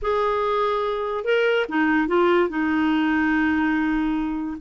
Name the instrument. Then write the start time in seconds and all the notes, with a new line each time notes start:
clarinet
0.02 G#4
1.24 A#4
1.69 D#4
2.07 F4
2.49 D#4